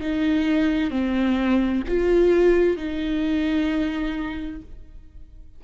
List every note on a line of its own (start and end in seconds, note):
0.00 0.90 D#4
0.90 1.83 C4
1.88 2.77 F4
2.77 4.61 D#4